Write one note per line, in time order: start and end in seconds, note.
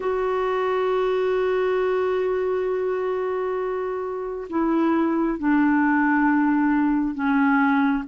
0.00 4.48 F#4
4.49 5.38 E4
5.38 7.14 D4
7.14 8.04 C#4